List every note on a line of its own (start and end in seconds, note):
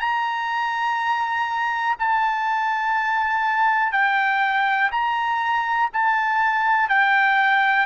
0.00 1.97 A#5
1.99 3.92 A5
3.92 4.90 G5
4.91 5.90 A#5
5.93 6.89 A5
6.89 7.86 G5